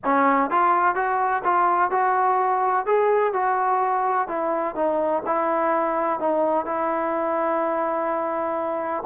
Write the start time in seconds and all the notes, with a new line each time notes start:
0.04 C#4
0.50 F4
0.95 F#4
1.44 F4
1.90 F#4
2.86 G#4
3.33 F#4
4.28 E4
4.75 D#4
5.26 E4
6.19 D#4
6.65 E4